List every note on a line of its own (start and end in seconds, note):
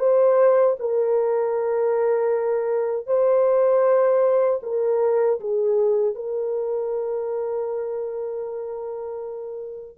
0.00 0.77 C5
0.80 3.07 A#4
3.07 4.61 C5
4.63 5.40 A#4
5.41 6.15 G#4
6.15 9.98 A#4